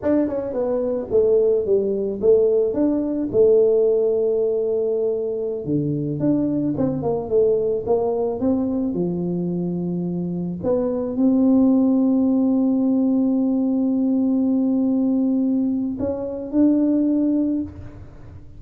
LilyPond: \new Staff \with { instrumentName = "tuba" } { \time 4/4 \tempo 4 = 109 d'8 cis'8 b4 a4 g4 | a4 d'4 a2~ | a2~ a16 d4 d'8.~ | d'16 c'8 ais8 a4 ais4 c'8.~ |
c'16 f2. b8.~ | b16 c'2.~ c'8.~ | c'1~ | c'4 cis'4 d'2 | }